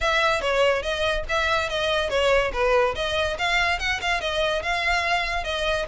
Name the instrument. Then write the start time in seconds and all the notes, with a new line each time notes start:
violin
0.00 E5
0.41 C#5
0.82 D#5
1.28 E5
1.69 D#5
2.09 C#5
2.53 B4
2.95 D#5
3.38 F5
3.79 F#5
4.01 F5
4.21 D#5
4.62 F5
5.44 D#5